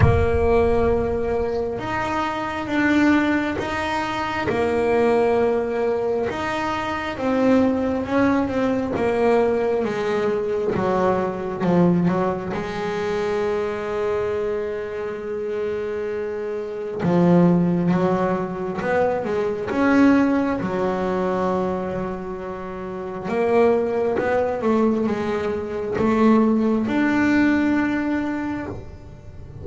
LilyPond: \new Staff \with { instrumentName = "double bass" } { \time 4/4 \tempo 4 = 67 ais2 dis'4 d'4 | dis'4 ais2 dis'4 | c'4 cis'8 c'8 ais4 gis4 | fis4 f8 fis8 gis2~ |
gis2. f4 | fis4 b8 gis8 cis'4 fis4~ | fis2 ais4 b8 a8 | gis4 a4 d'2 | }